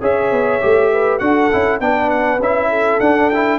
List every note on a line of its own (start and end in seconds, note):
0.00 0.31 C#4
0.00 0.61 G#4
0.00 0.90 C#5
0.00 1.19 E5
0.31 0.61 B3
0.61 1.21 A3
0.61 1.20 G4
0.92 1.21 B4
1.19 1.51 D4
1.19 1.50 F#4
1.19 1.81 A4
1.19 1.79 F#5
1.52 1.80 C#4
1.52 1.81 E4
1.80 2.39 B3
1.80 2.41 D4
1.80 2.69 B4
1.80 2.10 G5
2.10 2.40 F#5
2.39 2.99 C#4
2.39 3.02 E4
2.39 3.00 E5
2.69 3.59 A4
3.00 3.59 D4
3.00 3.32 D4
3.00 3.30 F#5
3.30 3.59 E4
3.30 3.59 G5